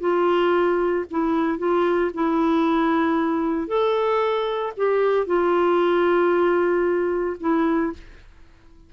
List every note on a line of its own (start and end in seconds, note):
0.00 1.05 F4
1.11 1.59 E4
1.59 2.11 F4
2.14 3.68 E4
3.68 4.73 A4
4.77 5.26 G4
5.26 7.37 F4
7.40 7.93 E4